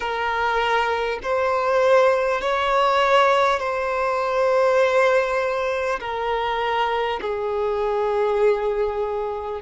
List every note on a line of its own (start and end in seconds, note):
0.00 1.19 A#4
1.23 2.41 C5
2.41 3.59 C#5
3.59 5.99 C5
5.99 7.19 A#4
7.21 9.61 G#4